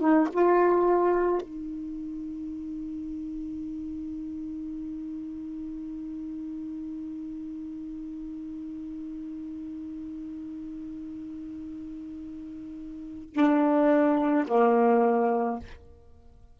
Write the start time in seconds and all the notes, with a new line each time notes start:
0.00 D#4
0.33 F4
1.41 D#4
13.34 D4
14.48 A#3